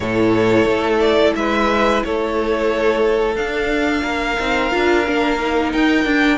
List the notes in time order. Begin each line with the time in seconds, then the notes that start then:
0.00 A2 E4 A4 C#5
0.65 A3
0.99 D5
1.35 G#3 B4 E5
2.04 A3 A4 C#5
3.35 D4 F5
4.02 A#3 A#4
4.39 C4 D#4
4.71 D4 F4
5.06 A#3 D4
5.39 D#4
5.72 D#4 G5
6.04 D4